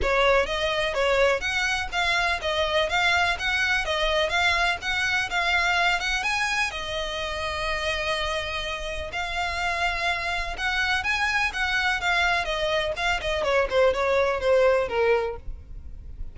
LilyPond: \new Staff \with { instrumentName = "violin" } { \time 4/4 \tempo 4 = 125 cis''4 dis''4 cis''4 fis''4 | f''4 dis''4 f''4 fis''4 | dis''4 f''4 fis''4 f''4~ | f''8 fis''8 gis''4 dis''2~ |
dis''2. f''4~ | f''2 fis''4 gis''4 | fis''4 f''4 dis''4 f''8 dis''8 | cis''8 c''8 cis''4 c''4 ais'4 | }